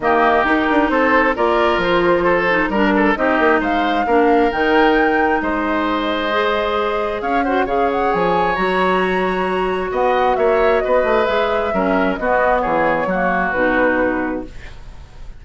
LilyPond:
<<
  \new Staff \with { instrumentName = "flute" } { \time 4/4 \tempo 4 = 133 dis''4 ais'4 c''4 d''4 | c''2 ais'4 dis''4 | f''2 g''2 | dis''1 |
f''8 fis''8 f''8 fis''8 gis''4 ais''4~ | ais''2 fis''4 e''4 | dis''4 e''2 dis''4 | cis''2 b'2 | }
  \new Staff \with { instrumentName = "oboe" } { \time 4/4 g'2 a'4 ais'4~ | ais'4 a'4 ais'8 a'8 g'4 | c''4 ais'2. | c''1 |
cis''8 c''8 cis''2.~ | cis''2 dis''4 cis''4 | b'2 ais'4 fis'4 | gis'4 fis'2. | }
  \new Staff \with { instrumentName = "clarinet" } { \time 4/4 ais4 dis'2 f'4~ | f'4. dis'8 d'4 dis'4~ | dis'4 d'4 dis'2~ | dis'2 gis'2~ |
gis'8 fis'8 gis'2 fis'4~ | fis'1~ | fis'4 gis'4 cis'4 b4~ | b4 ais4 dis'2 | }
  \new Staff \with { instrumentName = "bassoon" } { \time 4/4 dis4 dis'8 d'8 c'4 ais4 | f2 g4 c'8 ais8 | gis4 ais4 dis2 | gis1 |
cis'4 cis4 f4 fis4~ | fis2 b4 ais4 | b8 a8 gis4 fis4 b4 | e4 fis4 b,2 | }
>>